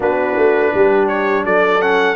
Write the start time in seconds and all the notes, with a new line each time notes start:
0.00 B3 D4 F#4 B4
0.36 A3
0.74 G3 G4
1.08 C#5
1.44 F#3 A4 D5
1.80 C#4 F#5